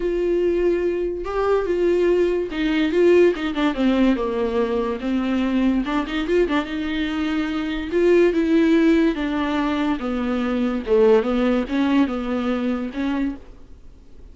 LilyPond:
\new Staff \with { instrumentName = "viola" } { \time 4/4 \tempo 4 = 144 f'2. g'4 | f'2 dis'4 f'4 | dis'8 d'8 c'4 ais2 | c'2 d'8 dis'8 f'8 d'8 |
dis'2. f'4 | e'2 d'2 | b2 a4 b4 | cis'4 b2 cis'4 | }